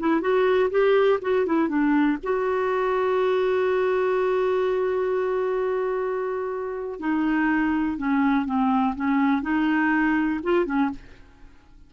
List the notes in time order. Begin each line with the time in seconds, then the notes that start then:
0.00 E4
0.21 F#4
0.71 G4
1.22 F#4
1.46 E4
1.69 D4
2.24 F#4
7.00 D#4
7.98 C#4
8.46 C4
8.96 C#4
9.43 D#4
10.44 F4
10.66 C#4